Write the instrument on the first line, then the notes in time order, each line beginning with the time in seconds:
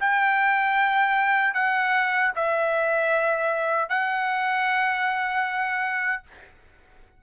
trumpet
0.00 G5
1.54 F#5
2.35 E5
3.89 F#5